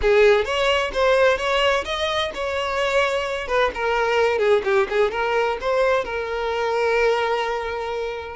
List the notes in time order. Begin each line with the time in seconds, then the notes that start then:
0.01 G#4
0.44 C#5
0.93 C5
1.37 C#5
1.84 D#5
2.34 C#5
3.47 B4
3.74 A#4
4.38 G#4
4.64 G4
4.89 G#4
5.11 A#4
5.60 C5
6.04 A#4